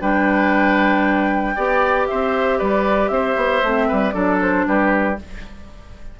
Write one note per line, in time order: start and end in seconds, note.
0.00 1.56 G3
0.00 1.55 D4
0.00 1.55 B4
0.00 2.07 G5
1.55 2.08 B3
1.55 3.63 G4
1.55 2.07 D5
2.07 2.61 C4
2.07 2.58 C5
2.07 2.58 E5
2.58 3.10 G3
2.58 3.10 B4
2.58 3.08 D5
3.08 3.35 C4
3.08 3.88 C5
3.08 4.11 E5
3.36 3.62 B3
3.63 3.89 A3
3.63 4.12 C4
3.88 4.14 G3
3.88 4.13 B4
4.11 4.66 F#3
4.11 5.16 D4
4.11 4.65 A4
4.11 4.37 D5
4.41 4.67 C5
4.67 5.19 G3
4.67 5.19 G4
4.67 5.18 B4